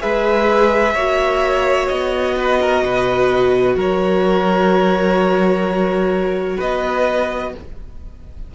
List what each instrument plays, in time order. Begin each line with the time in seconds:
0.00 cello G#3, viola G#4, violin B4 E5
0.95 cello A#3, viola F#4, violin C#5
1.88 cello B3, violin D#5
2.36 violin B4
2.61 violin A#4
2.83 cello B2, violin B4
3.76 cello F#3, violin A#4 C#5
6.57 cello B3, violin B4 D#5